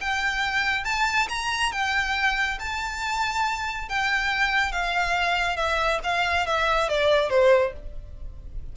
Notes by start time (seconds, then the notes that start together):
0.00 G5
0.84 A5
1.28 A#5
1.72 G5
2.59 A5
3.88 G5
4.72 F5
5.56 E5
6.03 F5
6.46 E5
6.89 D5
7.29 C5